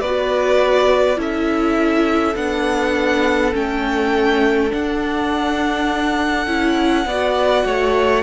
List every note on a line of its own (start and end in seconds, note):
0.00 1.17 B3
0.00 1.15 F#4
0.00 1.18 B4
0.00 1.18 D5
1.15 2.35 C#4
1.15 2.33 E4
1.15 7.06 A4
1.15 2.36 E5
2.35 3.52 B3
2.35 3.52 D4
2.35 3.53 F#5
3.52 4.72 A3
3.52 4.69 C#4
3.52 4.72 G5
4.69 6.46 D4
4.69 8.23 F#5
6.46 7.05 C#4
6.46 7.05 E4
7.05 7.64 B3
7.05 8.23 F#4
7.05 7.65 D5
7.65 8.23 A3
7.65 8.23 C#5